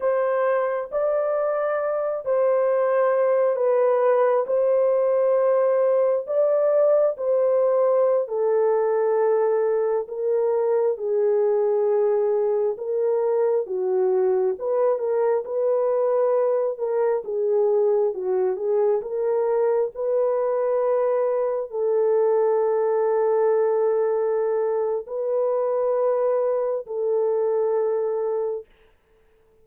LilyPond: \new Staff \with { instrumentName = "horn" } { \time 4/4 \tempo 4 = 67 c''4 d''4. c''4. | b'4 c''2 d''4 | c''4~ c''16 a'2 ais'8.~ | ais'16 gis'2 ais'4 fis'8.~ |
fis'16 b'8 ais'8 b'4. ais'8 gis'8.~ | gis'16 fis'8 gis'8 ais'4 b'4.~ b'16~ | b'16 a'2.~ a'8. | b'2 a'2 | }